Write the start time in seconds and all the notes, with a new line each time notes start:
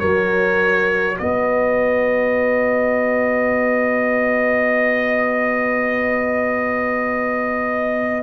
0.00 F#3 F#4 A#4 C#5
1.18 B3 B4 D#5